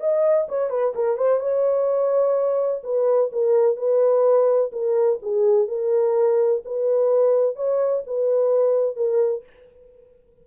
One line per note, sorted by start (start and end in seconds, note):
0.00 0.47 D#5
0.48 0.70 C#5
0.70 0.93 B4
0.95 1.17 A#4
1.17 1.40 C5
1.40 2.82 C#5
2.83 3.30 B4
3.32 3.76 A#4
3.76 4.71 B4
4.72 5.19 A#4
5.22 5.68 G#4
5.68 6.62 A#4
6.65 7.56 B4
7.56 8.03 C#5
8.06 8.96 B4
8.96 9.43 A#4